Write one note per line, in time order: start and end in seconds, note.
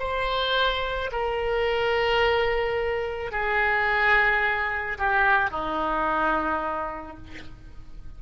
0.00 1.11 C5
1.12 3.32 A#4
3.32 4.98 G#4
4.99 5.51 G4
5.51 7.18 D#4